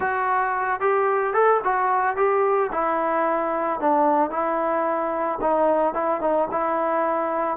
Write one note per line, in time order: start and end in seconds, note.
0.00 0.80 F#4
0.80 1.33 G4
1.33 1.60 A4
1.64 2.16 F#4
2.16 2.70 G4
2.72 3.80 E4
3.80 4.30 D4
4.30 5.38 E4
5.41 5.94 D#4
5.94 6.20 E4
6.20 6.47 D#4
6.51 7.57 E4